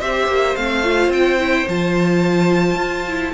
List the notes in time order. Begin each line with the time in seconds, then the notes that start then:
0.00 C4 G4 C5 E5
0.27 A#3
0.55 A3 C4 F5
0.83 F4
1.08 C4 G5
1.39 E4
1.68 F3 F4 A5
2.75 F4
3.07 E4